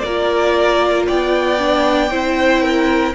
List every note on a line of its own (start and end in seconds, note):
0.00 1.09 A#3
0.00 1.07 A#4
0.00 1.03 D5
0.06 1.59 F4
1.07 2.11 B3
1.07 2.11 D5
1.07 3.15 G5
1.59 2.10 D4
2.11 3.14 C4
2.11 3.14 E4
2.11 2.62 C5
2.62 3.14 A#4